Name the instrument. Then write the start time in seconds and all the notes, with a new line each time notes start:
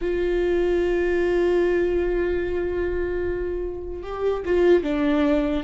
viola
0.01 F4
4.02 G4
4.45 F4
4.83 D4